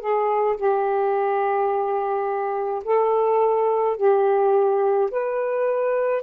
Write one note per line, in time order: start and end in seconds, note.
0.00 0.57 G#4
0.57 2.84 G4
2.85 3.97 A4
3.97 5.10 G4
5.11 6.23 B4